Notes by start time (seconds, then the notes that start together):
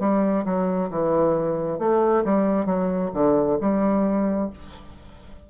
0.00 G3
0.45 F#3
0.90 E3
1.79 A3
2.24 G3
2.65 F#3
3.14 D3
3.61 G3